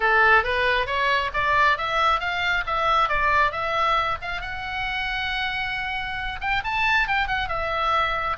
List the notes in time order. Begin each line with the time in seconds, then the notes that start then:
0.00 A4
0.43 B4
0.86 C#5
1.33 D5
1.77 E5
2.20 F5
2.66 E5
3.08 D5
3.51 E5
4.21 F5
4.41 F#5
6.40 G5
6.63 A5
7.07 G5
7.27 F#5
7.48 E5